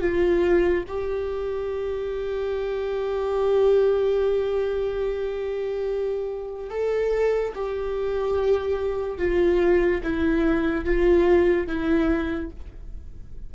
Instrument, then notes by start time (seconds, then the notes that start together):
viola
0.00 F4
0.87 G4
6.69 A4
7.54 G4
9.17 F4
10.03 E4
10.84 F4
11.67 E4